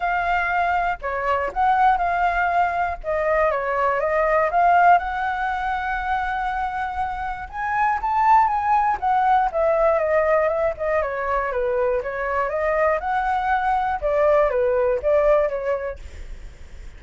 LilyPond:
\new Staff \with { instrumentName = "flute" } { \time 4/4 \tempo 4 = 120 f''2 cis''4 fis''4 | f''2 dis''4 cis''4 | dis''4 f''4 fis''2~ | fis''2. gis''4 |
a''4 gis''4 fis''4 e''4 | dis''4 e''8 dis''8 cis''4 b'4 | cis''4 dis''4 fis''2 | d''4 b'4 d''4 cis''4 | }